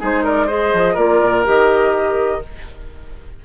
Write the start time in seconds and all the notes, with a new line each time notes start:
0.00 G#3 D#4 G#4 C5
0.24 A#4 D5
0.46 G#4 C5 D#5
0.74 F3
0.94 A#3 F4 A#4 D5
1.21 A#2
1.45 D#3 G4 D#5